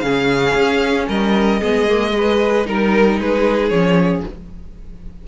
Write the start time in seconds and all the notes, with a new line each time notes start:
0.00 C#3 C#4 G#4 F5
0.54 C#4
1.08 G3 A#4 D#5
1.60 G#3 B3 G#4
1.89 A#3
2.11 G#3
2.17 B4
2.66 G3 D#4 A#4
3.20 G#3 G#4 B4
3.69 F3 C#4 C#5